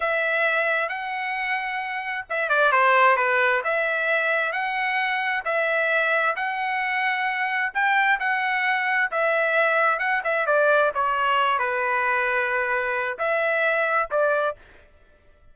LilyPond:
\new Staff \with { instrumentName = "trumpet" } { \time 4/4 \tempo 4 = 132 e''2 fis''2~ | fis''4 e''8 d''8 c''4 b'4 | e''2 fis''2 | e''2 fis''2~ |
fis''4 g''4 fis''2 | e''2 fis''8 e''8 d''4 | cis''4. b'2~ b'8~ | b'4 e''2 d''4 | }